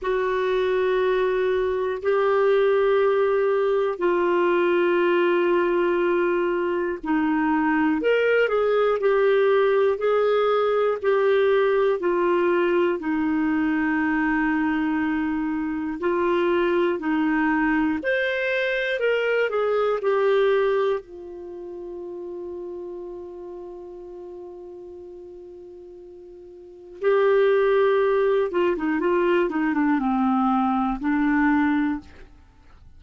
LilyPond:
\new Staff \with { instrumentName = "clarinet" } { \time 4/4 \tempo 4 = 60 fis'2 g'2 | f'2. dis'4 | ais'8 gis'8 g'4 gis'4 g'4 | f'4 dis'2. |
f'4 dis'4 c''4 ais'8 gis'8 | g'4 f'2.~ | f'2. g'4~ | g'8 f'16 dis'16 f'8 dis'16 d'16 c'4 d'4 | }